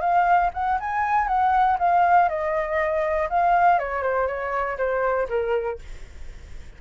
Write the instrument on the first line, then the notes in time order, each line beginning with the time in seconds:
flute
0.00 F5
0.53 F#5
0.80 G#5
1.27 F#5
1.78 F5
2.28 D#5
3.29 F5
3.78 C#5
4.02 C5
4.27 C#5
4.77 C5
5.28 A#4